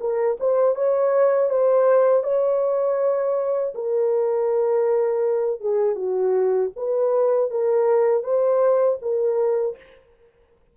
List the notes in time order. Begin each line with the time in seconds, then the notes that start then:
0.00 A#4
0.40 C5
0.75 C#5
1.50 C5
2.23 C#5
3.74 A#4
5.61 G#4
5.95 F#4
6.76 B4
7.50 A#4
8.23 C5
9.02 A#4